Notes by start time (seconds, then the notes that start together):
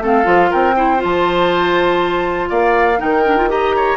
0.00 A3 C4 A4 F5
0.24 F3 F4
0.51 C4 A#4 G5
0.76 E4 C5
0.98 F4
1.04 F3 A5
2.50 A#3 D5 F5
2.98 D#3 D#4 A#4 G5
3.26 D4
3.38 F4
3.49 G4 D#5 A#5
3.76 C#5